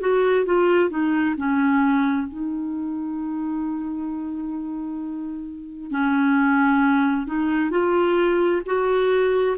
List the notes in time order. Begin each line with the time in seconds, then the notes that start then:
0.00 F#4
0.45 F4
0.89 D#4
1.37 C#4
2.28 D#4
5.90 C#4
7.26 D#4
7.70 F4
8.65 F#4